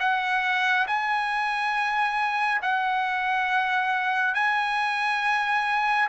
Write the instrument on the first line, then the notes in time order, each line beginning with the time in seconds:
trumpet
0.00 F#5
0.88 G#5
2.62 F#5
4.35 G#5